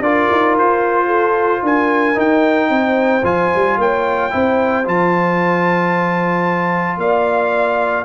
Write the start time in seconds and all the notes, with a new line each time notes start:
0.00 D4 F4 A#4 D5
0.31 D#4
0.57 F4 C5
1.06 A4
1.62 D4 A#4 G#5
2.15 D#4 G5
2.69 C4 C5
3.23 F3 F4 G#5
3.55 G3
3.77 A#3 C#5 G5
4.30 C4 E4 C5
4.84 F3 F4 A5
6.97 A#3 D5 F5